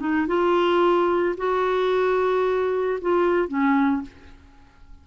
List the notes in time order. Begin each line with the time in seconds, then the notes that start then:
0.00 D#4
0.28 F4
1.38 F#4
3.02 F4
3.49 C#4